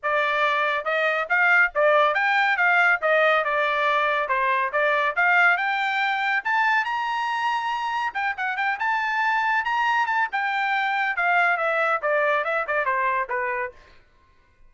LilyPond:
\new Staff \with { instrumentName = "trumpet" } { \time 4/4 \tempo 4 = 140 d''2 dis''4 f''4 | d''4 g''4 f''4 dis''4 | d''2 c''4 d''4 | f''4 g''2 a''4 |
ais''2. g''8 fis''8 | g''8 a''2 ais''4 a''8 | g''2 f''4 e''4 | d''4 e''8 d''8 c''4 b'4 | }